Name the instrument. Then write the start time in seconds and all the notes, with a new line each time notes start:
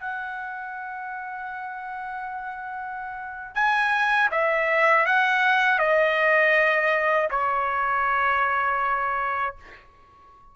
trumpet
0.00 F#5
3.55 G#5
4.32 E5
5.07 F#5
5.79 D#5
7.31 C#5